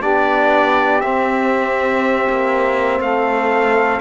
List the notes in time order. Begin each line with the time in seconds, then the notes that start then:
0.00 B3 D4 G4 D5
1.01 C4 E5
2.29 A#3
3.00 A3 A4 F5